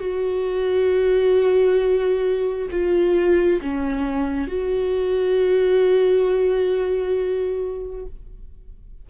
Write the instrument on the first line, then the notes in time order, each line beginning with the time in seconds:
viola
0.00 F#4
2.71 F4
3.61 C#4
4.48 F#4